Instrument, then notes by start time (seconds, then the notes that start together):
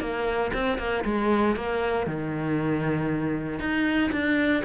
cello
0.00 A#3
0.53 C4
0.78 A#3
1.05 G#3
1.55 A#3
2.07 D#3
3.59 D#4
4.12 D4